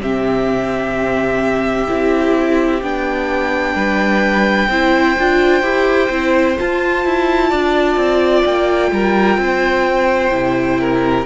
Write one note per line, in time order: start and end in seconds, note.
0.00 1.88 C3
0.00 1.88 C4
0.00 3.75 G4
0.00 2.83 E5
1.88 2.82 C4
1.88 2.81 E4
2.82 3.75 B3
2.82 4.70 D4
2.82 6.58 G5
3.75 4.68 G3
3.75 4.69 B4
4.68 5.15 C4
4.68 5.18 E4
4.68 7.50 C5
5.19 5.62 D4
5.19 5.63 F4
5.62 6.09 E4
5.62 6.10 G4
6.10 6.57 C4
6.10 6.57 E4
6.57 10.31 F4
6.57 7.05 F4
6.57 8.45 A5
7.05 7.52 E4
7.50 7.97 D4
7.50 8.90 D5
7.97 8.44 C4
8.45 8.92 A#3
8.45 11.26 G5
8.92 9.38 G3
8.92 9.40 A#4
9.38 10.31 C4
9.38 10.81 C5
10.31 11.26 C3
10.31 11.25 E4
10.81 11.26 A#4